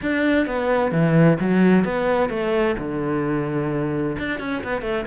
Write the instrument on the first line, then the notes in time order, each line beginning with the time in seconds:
cello
0.01 D4
0.46 B3
0.91 E3
1.40 F#3
1.84 B3
2.29 A3
2.78 D3
4.18 D4
4.39 C#4
4.63 B3
4.81 A3